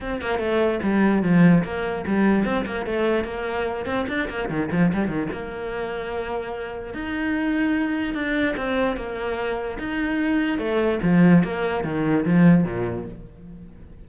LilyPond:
\new Staff \with { instrumentName = "cello" } { \time 4/4 \tempo 4 = 147 c'8 ais8 a4 g4 f4 | ais4 g4 c'8 ais8 a4 | ais4. c'8 d'8 ais8 dis8 f8 | g8 dis8 ais2.~ |
ais4 dis'2. | d'4 c'4 ais2 | dis'2 a4 f4 | ais4 dis4 f4 ais,4 | }